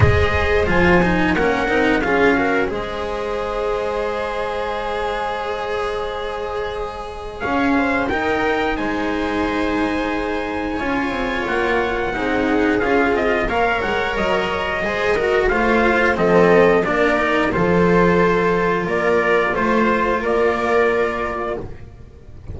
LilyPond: <<
  \new Staff \with { instrumentName = "trumpet" } { \time 4/4 \tempo 4 = 89 dis''4 gis''4 fis''4 f''4 | dis''1~ | dis''2. f''4 | g''4 gis''2.~ |
gis''4 fis''2 f''8 dis''8 | f''8 fis''8 dis''2 f''4 | dis''4 d''4 c''2 | d''4 c''4 d''2 | }
  \new Staff \with { instrumentName = "viola" } { \time 4/4 c''2 ais'4 gis'8 ais'8 | c''1~ | c''2. cis''8 c''8 | ais'4 c''2. |
cis''2 gis'2 | cis''2 c''8 ais'8 c''4 | a'4 ais'4 a'2 | ais'4 c''4 ais'2 | }
  \new Staff \with { instrumentName = "cello" } { \time 4/4 gis'4 f'8 dis'8 cis'8 dis'8 f'8 fis'8 | gis'1~ | gis'1 | dis'1 |
f'2 dis'4 f'4 | ais'2 gis'8 fis'8 f'4 | c'4 d'8 dis'8 f'2~ | f'1 | }
  \new Staff \with { instrumentName = "double bass" } { \time 4/4 gis4 f4 ais8 c'8 cis'4 | gis1~ | gis2. cis'4 | dis'4 gis2. |
cis'8 c'8 ais4 c'4 cis'8 c'8 | ais8 gis8 fis4 gis4 a4 | f4 ais4 f2 | ais4 a4 ais2 | }
>>